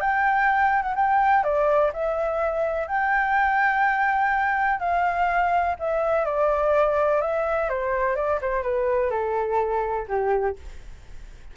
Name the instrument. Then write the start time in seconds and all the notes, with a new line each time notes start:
flute
0.00 G5
0.82 F#5
0.95 G5
1.43 D5
1.93 E5
2.87 G5
4.79 F5
5.79 E5
6.25 D5
7.21 E5
7.69 C5
8.15 D5
8.41 C5
8.62 B4
9.10 A4
10.08 G4